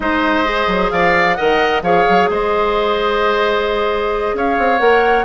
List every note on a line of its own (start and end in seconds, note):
0.00 0.66 G#3
0.00 0.44 D#4
0.00 0.92 C5
0.00 0.90 D#5
0.44 1.36 G#4
0.67 0.90 F#3
0.90 1.37 F3
0.90 1.36 D5
0.90 1.34 F5
1.34 1.82 D#3
1.34 1.83 A#4
1.34 1.82 D#5
1.34 1.80 F#5
1.82 2.04 F3
1.82 4.79 G#4
1.82 2.29 C#5
1.82 2.29 F5
2.09 2.29 F#3
2.29 4.33 G#3
2.29 4.36 C5
2.29 4.37 D#5
4.33 4.56 C#4
4.33 5.24 C#5
4.33 4.78 F5
4.58 4.80 C4
4.78 5.24 A#3
4.78 5.24 A#4
4.78 5.24 F#5